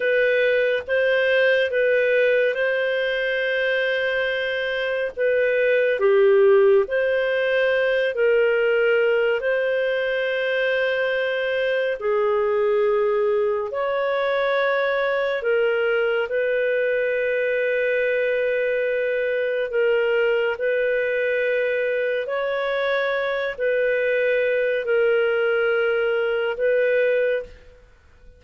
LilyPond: \new Staff \with { instrumentName = "clarinet" } { \time 4/4 \tempo 4 = 70 b'4 c''4 b'4 c''4~ | c''2 b'4 g'4 | c''4. ais'4. c''4~ | c''2 gis'2 |
cis''2 ais'4 b'4~ | b'2. ais'4 | b'2 cis''4. b'8~ | b'4 ais'2 b'4 | }